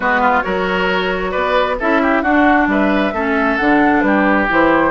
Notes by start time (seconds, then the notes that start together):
0.00 G#3 B3 F#4 B4
0.20 F4
0.42 F#3 F#4 A#4 C#5
1.31 B3 B4 D5
1.79 C#4 E4 A4 E5
2.02 G4
2.22 D4 F#4 F#5
2.67 G3 B4 E5
3.13 A3 C#4 A4
3.57 D3 D4 F#5
4.00 G3 G4 B4
4.48 E3 E4 C5